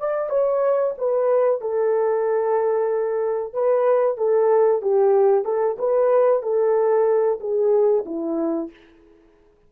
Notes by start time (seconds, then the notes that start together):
0.00 D5
0.30 C#5
0.98 B4
1.62 A4
3.54 B4
4.18 A4
4.82 G4
5.45 A4
5.79 B4
6.43 A4
7.41 G#4
8.06 E4